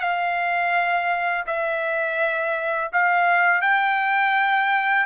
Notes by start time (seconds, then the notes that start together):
0.00 F5
1.46 E5
2.92 F5
3.61 G5